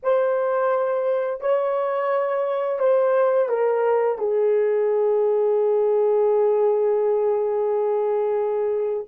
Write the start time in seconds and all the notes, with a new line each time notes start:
0.03 C5
1.40 C#5
2.79 C5
3.48 A#4
4.18 G#4